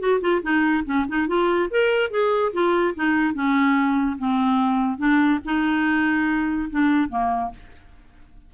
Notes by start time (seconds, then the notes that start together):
0.00 F#4
0.21 F4
0.43 D#4
0.85 C#4
1.09 D#4
1.28 F4
1.71 A#4
2.11 G#4
2.53 F4
2.96 D#4
3.34 C#4
4.19 C4
4.98 D4
5.45 D#4
6.71 D4
7.09 A#3